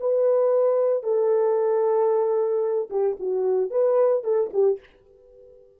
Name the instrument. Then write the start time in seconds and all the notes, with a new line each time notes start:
horn
0.00 B4
1.03 A4
2.90 G4
3.20 F#4
3.71 B4
4.24 A4
4.53 G4